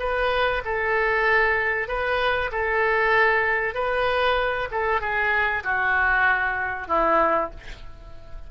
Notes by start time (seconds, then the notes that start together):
0.00 B4
0.65 A4
1.88 B4
2.52 A4
3.75 B4
4.71 A4
5.01 G#4
5.64 F#4
6.88 E4